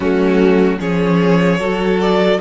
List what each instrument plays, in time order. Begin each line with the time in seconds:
0.00 cello F#3, viola A3, violin C#4 F#4
0.79 cello F3, viola C#4, violin G#4 C#5
1.58 cello F#3, viola F#4, violin A4
2.00 violin D5